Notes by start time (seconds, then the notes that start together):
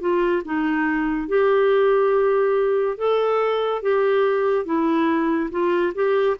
0.00 F4
0.45 D#4
1.28 G4
2.97 A4
3.82 G4
4.65 E4
5.50 F4
5.94 G4